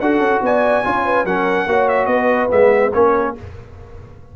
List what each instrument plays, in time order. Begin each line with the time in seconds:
0.00 tuba D4, trombone F#4, horn A4, trumpet F#5
0.19 tuba C#4
0.42 tuba B3, horn D5, trumpet G#5
0.84 tuba C#4, trombone F4, horn C#5
1.05 horn B4
1.24 tuba F#3, trombone C#4, horn A#4, trumpet F#5
1.66 tuba A#3, trombone F#4, horn C#5
1.88 trumpet E5
2.05 tuba B3, horn B4, trumpet D#5
2.49 tuba G#3, trombone B3, trumpet E5
2.93 tuba A#3, trombone C#4, horn A#4, trumpet C#5